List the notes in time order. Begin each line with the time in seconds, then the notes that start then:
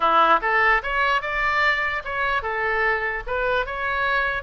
0.00 E4
0.41 A4
0.82 C#5
1.21 D5
2.04 C#5
2.42 A4
3.26 B4
3.66 C#5